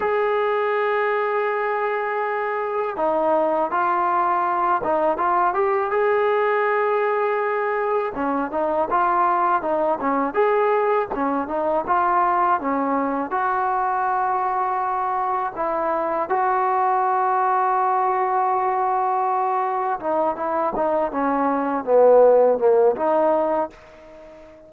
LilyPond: \new Staff \with { instrumentName = "trombone" } { \time 4/4 \tempo 4 = 81 gis'1 | dis'4 f'4. dis'8 f'8 g'8 | gis'2. cis'8 dis'8 | f'4 dis'8 cis'8 gis'4 cis'8 dis'8 |
f'4 cis'4 fis'2~ | fis'4 e'4 fis'2~ | fis'2. dis'8 e'8 | dis'8 cis'4 b4 ais8 dis'4 | }